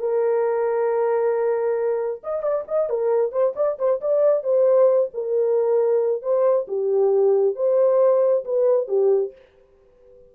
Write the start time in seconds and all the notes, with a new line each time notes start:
0.00 A#4
2.24 D#5
2.43 D5
2.68 D#5
2.89 A#4
3.32 C5
3.56 D5
3.79 C5
4.01 D5
4.44 C5
5.14 A#4
6.22 C5
6.68 G4
7.56 C5
8.45 B4
8.88 G4